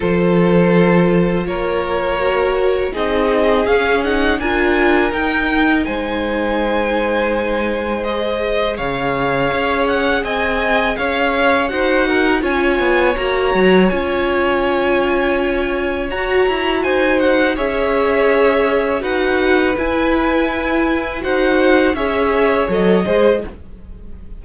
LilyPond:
<<
  \new Staff \with { instrumentName = "violin" } { \time 4/4 \tempo 4 = 82 c''2 cis''2 | dis''4 f''8 fis''8 gis''4 g''4 | gis''2. dis''4 | f''4. fis''8 gis''4 f''4 |
fis''4 gis''4 ais''4 gis''4~ | gis''2 ais''4 gis''8 fis''8 | e''2 fis''4 gis''4~ | gis''4 fis''4 e''4 dis''4 | }
  \new Staff \with { instrumentName = "violin" } { \time 4/4 a'2 ais'2 | gis'2 ais'2 | c''1 | cis''2 dis''4 cis''4 |
c''8 ais'8 cis''2.~ | cis''2. c''4 | cis''2 b'2~ | b'4 c''4 cis''4. c''8 | }
  \new Staff \with { instrumentName = "viola" } { \time 4/4 f'2. fis'4 | dis'4 cis'8 dis'8 f'4 dis'4~ | dis'2. gis'4~ | gis'1 |
fis'4 f'4 fis'4 f'4~ | f'2 fis'2 | gis'2 fis'4 e'4~ | e'4 fis'4 gis'4 a'8 gis'8 | }
  \new Staff \with { instrumentName = "cello" } { \time 4/4 f2 ais2 | c'4 cis'4 d'4 dis'4 | gis1 | cis4 cis'4 c'4 cis'4 |
dis'4 cis'8 b8 ais8 fis8 cis'4~ | cis'2 fis'8 e'8 dis'4 | cis'2 dis'4 e'4~ | e'4 dis'4 cis'4 fis8 gis8 | }
>>